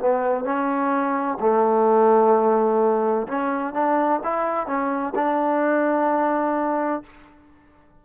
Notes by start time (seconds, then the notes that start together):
0.00 B3
0.45 C#4
1.40 A3
3.28 C#4
3.74 D4
4.24 E4
4.67 C#4
5.16 D4